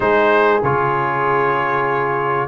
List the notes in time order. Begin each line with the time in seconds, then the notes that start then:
0.00 G#3 D#4 G#4 C5
0.62 C#3 F4 C#5